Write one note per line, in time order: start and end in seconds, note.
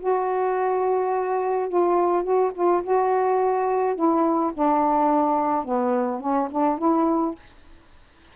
0.00 1.69 F#4
1.69 2.24 F4
2.24 2.52 F#4
2.55 2.83 F4
2.84 3.96 F#4
3.96 4.53 E4
4.54 5.65 D4
5.65 6.21 B3
6.21 6.49 C#4
6.51 6.78 D4
6.78 7.35 E4